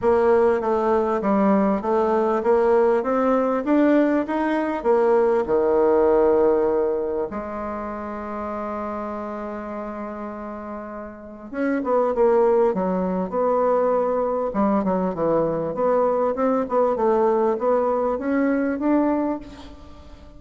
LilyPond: \new Staff \with { instrumentName = "bassoon" } { \time 4/4 \tempo 4 = 99 ais4 a4 g4 a4 | ais4 c'4 d'4 dis'4 | ais4 dis2. | gis1~ |
gis2. cis'8 b8 | ais4 fis4 b2 | g8 fis8 e4 b4 c'8 b8 | a4 b4 cis'4 d'4 | }